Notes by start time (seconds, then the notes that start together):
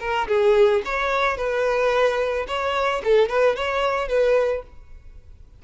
0.00 A#4
0.28 G#4
0.85 C#5
1.37 B4
2.47 C#5
3.04 A4
3.29 B4
3.56 C#5
4.08 B4